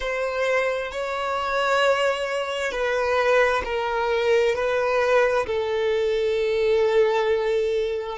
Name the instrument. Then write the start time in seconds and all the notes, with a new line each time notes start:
violin
0.00 C5
0.91 C#5
2.71 B4
3.64 A#4
4.55 B4
5.46 A4